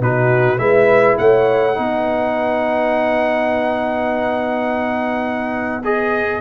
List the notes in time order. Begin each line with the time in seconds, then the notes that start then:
0.00 B2 D#4 F#4 B4
0.58 G#3 E4 B4 E5
1.18 A3 C#5 F#5
1.75 B3 D#4 B4
5.84 G#4 D#5